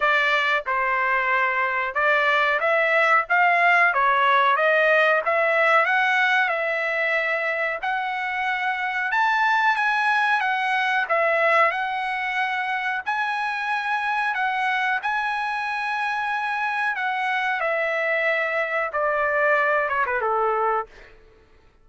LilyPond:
\new Staff \with { instrumentName = "trumpet" } { \time 4/4 \tempo 4 = 92 d''4 c''2 d''4 | e''4 f''4 cis''4 dis''4 | e''4 fis''4 e''2 | fis''2 a''4 gis''4 |
fis''4 e''4 fis''2 | gis''2 fis''4 gis''4~ | gis''2 fis''4 e''4~ | e''4 d''4. cis''16 b'16 a'4 | }